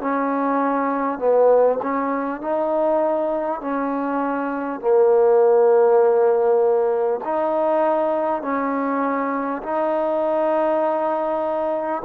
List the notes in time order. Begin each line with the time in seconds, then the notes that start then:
0.00 C#4
1.18 B3
1.82 C#4
2.41 D#4
3.61 C#4
4.80 A#3
7.24 D#4
8.42 C#4
9.62 D#4